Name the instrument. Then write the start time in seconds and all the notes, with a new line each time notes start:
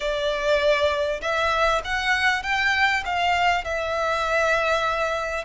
violin
0.00 D5
1.21 E5
1.84 F#5
2.42 G5
3.05 F5
3.64 E5